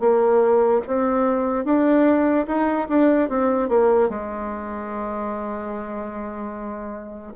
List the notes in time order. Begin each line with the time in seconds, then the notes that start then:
0.00 A#3
0.87 C4
1.65 D4
2.47 D#4
2.89 D4
3.29 C4
3.69 A#3
4.09 G#3